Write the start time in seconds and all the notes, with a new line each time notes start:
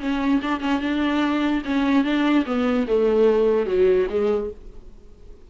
0.00 C#4
0.42 D4
0.61 C#4
0.81 D4
1.65 C#4
2.05 D4
2.46 B3
2.88 A3
3.66 F#3
4.10 G#3